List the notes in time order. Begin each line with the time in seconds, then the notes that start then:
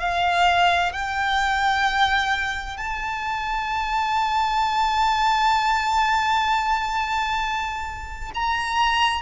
0.00 F5
0.92 G5
2.77 A5
8.34 A#5